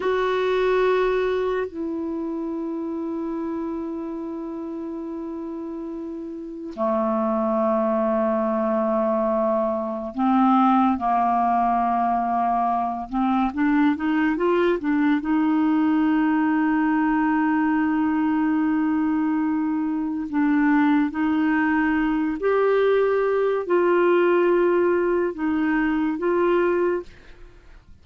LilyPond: \new Staff \with { instrumentName = "clarinet" } { \time 4/4 \tempo 4 = 71 fis'2 e'2~ | e'1 | a1 | c'4 ais2~ ais8 c'8 |
d'8 dis'8 f'8 d'8 dis'2~ | dis'1 | d'4 dis'4. g'4. | f'2 dis'4 f'4 | }